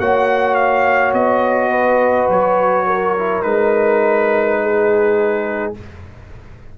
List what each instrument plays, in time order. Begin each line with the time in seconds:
0.00 tuba A#3, trombone F#4, horn C#5, trumpet F#5
0.55 trumpet F5
1.13 tuba B3, trumpet D#5
1.71 horn B4
2.29 tuba F#3, trumpet C#5
2.87 horn A#4
3.19 trombone E4
3.43 tuba G#3, trombone D#4, trumpet B4
4.63 horn G#4